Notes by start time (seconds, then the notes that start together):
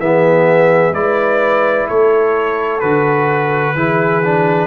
0.00 E3 B3 G#4 E5
0.92 G#3 E4 B4 D5
1.88 A3 A4 C#5
2.80 D3 F#4 B4
3.75 E3 E4 G#4
4.24 D4